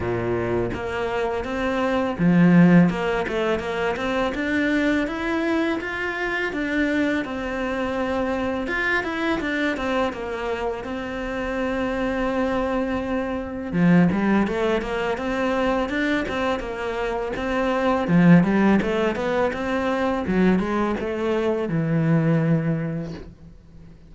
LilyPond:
\new Staff \with { instrumentName = "cello" } { \time 4/4 \tempo 4 = 83 ais,4 ais4 c'4 f4 | ais8 a8 ais8 c'8 d'4 e'4 | f'4 d'4 c'2 | f'8 e'8 d'8 c'8 ais4 c'4~ |
c'2. f8 g8 | a8 ais8 c'4 d'8 c'8 ais4 | c'4 f8 g8 a8 b8 c'4 | fis8 gis8 a4 e2 | }